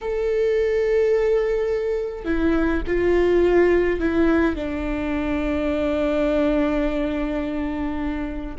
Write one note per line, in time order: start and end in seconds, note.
0.01 2.24 A4
2.24 2.82 E4
2.86 4.00 F4
4.00 4.55 E4
4.55 8.55 D4